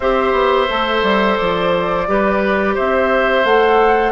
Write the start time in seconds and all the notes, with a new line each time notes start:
0.00 C4 G4 C5 E5
0.32 B3
0.67 A3 A4
1.02 G3
1.37 F3 D5
2.07 G3 G4 B4
2.74 C4 C5 E5
3.44 A3 A4 F#5